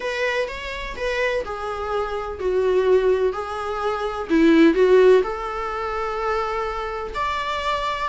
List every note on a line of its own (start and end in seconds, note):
0.00 0.48 B4
0.48 0.95 C#5
0.96 1.44 B4
1.44 2.39 G#4
2.39 3.32 F#4
3.32 4.28 G#4
4.29 4.74 E4
4.74 5.21 F#4
5.23 7.13 A4
7.14 8.09 D5